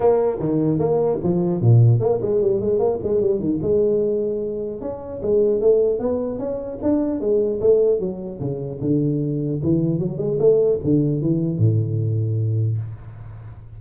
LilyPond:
\new Staff \with { instrumentName = "tuba" } { \time 4/4 \tempo 4 = 150 ais4 dis4 ais4 f4 | ais,4 ais8 gis8 g8 gis8 ais8 gis8 | g8 dis8 gis2. | cis'4 gis4 a4 b4 |
cis'4 d'4 gis4 a4 | fis4 cis4 d2 | e4 fis8 gis8 a4 d4 | e4 a,2. | }